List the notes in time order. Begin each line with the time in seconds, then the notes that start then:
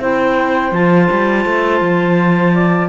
0.00 C4 E4 C5 G5
0.72 F3 F4 A5
1.11 G3
1.45 A3
1.81 F3
2.53 D5